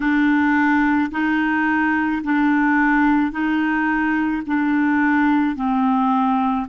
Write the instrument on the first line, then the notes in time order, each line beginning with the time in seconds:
clarinet
0.00 D4
1.11 D#4
2.23 D4
3.31 D#4
4.46 D4
5.56 C4